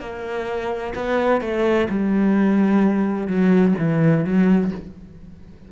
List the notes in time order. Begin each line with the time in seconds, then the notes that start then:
0.00 A#3
0.95 B3
1.41 A3
1.89 G3
3.27 F#3
3.78 E3
4.24 F#3